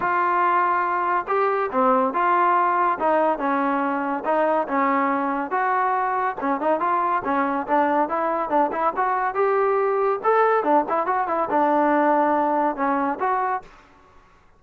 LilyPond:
\new Staff \with { instrumentName = "trombone" } { \time 4/4 \tempo 4 = 141 f'2. g'4 | c'4 f'2 dis'4 | cis'2 dis'4 cis'4~ | cis'4 fis'2 cis'8 dis'8 |
f'4 cis'4 d'4 e'4 | d'8 e'8 fis'4 g'2 | a'4 d'8 e'8 fis'8 e'8 d'4~ | d'2 cis'4 fis'4 | }